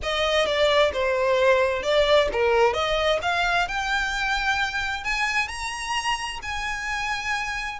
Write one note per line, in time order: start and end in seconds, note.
0.02 0.45 D#5
0.45 0.91 D5
0.93 1.83 C5
1.83 2.28 D5
2.32 2.73 A#4
2.73 3.19 D#5
3.22 3.67 F5
3.68 5.04 G5
5.04 5.48 G#5
5.48 6.39 A#5
6.42 7.79 G#5